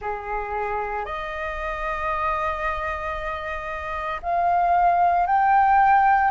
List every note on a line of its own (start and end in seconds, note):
0.01 1.05 G#4
1.05 4.21 D#5
4.22 5.26 F5
5.26 6.31 G5